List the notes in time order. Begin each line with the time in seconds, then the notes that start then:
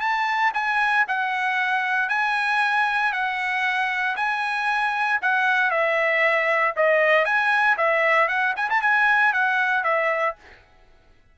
0.00 A5
0.54 G#5
1.08 F#5
2.09 G#5
3.12 F#5
4.16 G#5
5.22 F#5
5.71 E5
6.76 D#5
7.25 G#5
7.78 E5
8.28 F#5
8.56 G#5
8.70 A5
8.81 G#5
9.33 F#5
9.84 E5